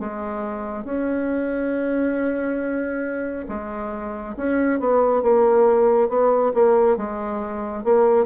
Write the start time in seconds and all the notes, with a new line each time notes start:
0.00 G#3
0.85 C#4
3.49 G#3
4.37 C#4
4.80 B3
5.23 A#3
6.09 B3
6.54 A#3
6.97 G#3
7.84 A#3